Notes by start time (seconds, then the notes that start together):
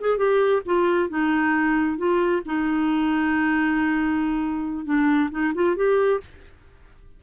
0.00 G#4
0.17 G4
0.65 F4
1.09 D#4
1.97 F4
2.45 D#4
4.85 D4
5.31 D#4
5.54 F4
5.76 G4